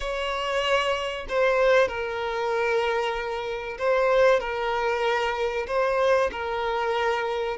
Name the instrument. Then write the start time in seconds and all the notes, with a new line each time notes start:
violin
0.00 C#5
1.28 C5
1.88 A#4
3.78 C5
4.40 A#4
5.67 C5
6.31 A#4